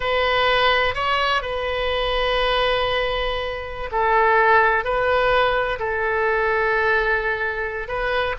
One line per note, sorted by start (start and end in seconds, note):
0.00 0.94 B4
0.94 1.42 C#5
1.42 3.90 B4
3.91 4.84 A4
4.84 5.78 B4
5.79 7.88 A4
7.88 8.35 B4